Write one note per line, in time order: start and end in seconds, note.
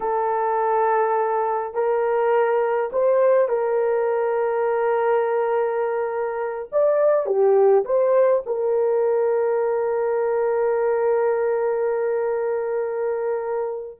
0.00 1.74 A4
1.74 2.90 A#4
2.92 3.48 C5
3.48 6.69 A#4
6.71 7.26 D5
7.26 7.84 G4
7.85 8.43 C5
8.46 13.99 A#4